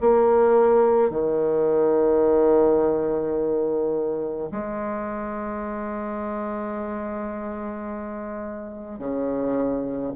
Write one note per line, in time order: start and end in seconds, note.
0.00 1.10 A#3
1.10 4.50 D#3
4.51 8.98 G#3
8.98 10.12 C#3